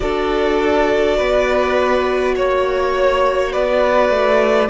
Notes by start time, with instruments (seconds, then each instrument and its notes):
0.00 cello D4, viola F#4, violin A4 D5
1.17 cello B3, violin B4
2.35 cello A#3, violin C#5
3.51 cello B3, violin B4 D5
4.09 cello A3